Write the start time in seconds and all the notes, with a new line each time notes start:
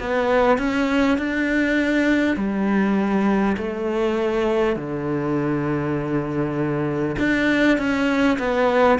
0.00 B3
0.58 C#4
1.18 D4
2.36 G3
3.57 A3
4.76 D3
7.19 D4
7.78 C#4
8.38 B3